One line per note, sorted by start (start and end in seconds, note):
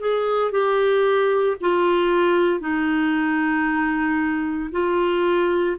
0.00 0.51 G#4
0.51 1.56 G4
1.60 2.60 F4
2.60 4.71 D#4
4.71 5.77 F4